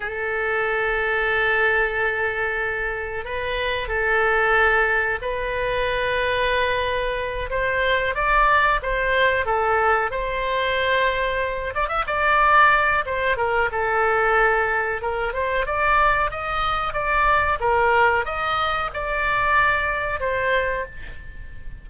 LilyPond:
\new Staff \with { instrumentName = "oboe" } { \time 4/4 \tempo 4 = 92 a'1~ | a'4 b'4 a'2 | b'2.~ b'8 c''8~ | c''8 d''4 c''4 a'4 c''8~ |
c''2 d''16 e''16 d''4. | c''8 ais'8 a'2 ais'8 c''8 | d''4 dis''4 d''4 ais'4 | dis''4 d''2 c''4 | }